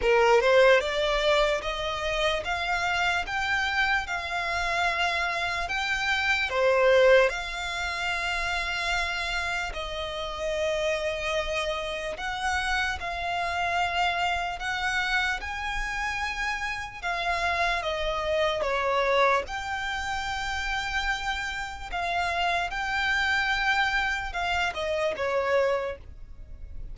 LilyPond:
\new Staff \with { instrumentName = "violin" } { \time 4/4 \tempo 4 = 74 ais'8 c''8 d''4 dis''4 f''4 | g''4 f''2 g''4 | c''4 f''2. | dis''2. fis''4 |
f''2 fis''4 gis''4~ | gis''4 f''4 dis''4 cis''4 | g''2. f''4 | g''2 f''8 dis''8 cis''4 | }